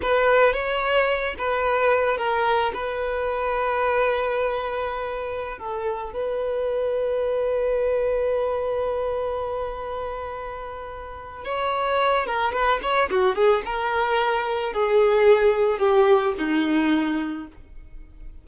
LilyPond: \new Staff \with { instrumentName = "violin" } { \time 4/4 \tempo 4 = 110 b'4 cis''4. b'4. | ais'4 b'2.~ | b'2~ b'16 a'4 b'8.~ | b'1~ |
b'1~ | b'4 cis''4. ais'8 b'8 cis''8 | fis'8 gis'8 ais'2 gis'4~ | gis'4 g'4 dis'2 | }